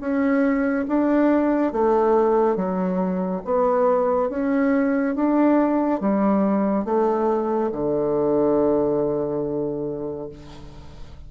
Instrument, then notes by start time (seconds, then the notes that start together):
bassoon
0.00 C#4
0.88 D4
1.72 A3
2.56 F#3
3.45 B3
4.29 C#4
5.15 D4
6.00 G3
6.85 A3
7.72 D3